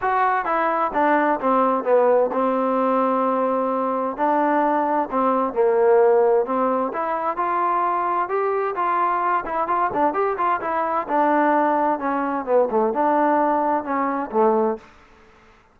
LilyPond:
\new Staff \with { instrumentName = "trombone" } { \time 4/4 \tempo 4 = 130 fis'4 e'4 d'4 c'4 | b4 c'2.~ | c'4 d'2 c'4 | ais2 c'4 e'4 |
f'2 g'4 f'4~ | f'8 e'8 f'8 d'8 g'8 f'8 e'4 | d'2 cis'4 b8 a8 | d'2 cis'4 a4 | }